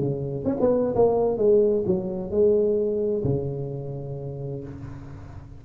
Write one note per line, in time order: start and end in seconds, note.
0.00 0.45 C#3
0.45 0.57 C#4
0.60 0.95 B3
0.95 1.38 A#3
1.38 1.84 G#3
1.87 2.31 F#3
2.31 3.24 G#3
3.25 4.64 C#3